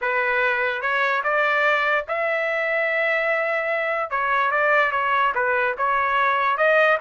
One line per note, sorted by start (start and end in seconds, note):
0.01 0.81 B4
0.81 1.22 C#5
1.23 2.05 D5
2.08 4.10 E5
4.10 4.51 C#5
4.51 4.91 D5
4.91 5.32 C#5
5.34 5.75 B4
5.77 6.57 C#5
6.57 6.98 D#5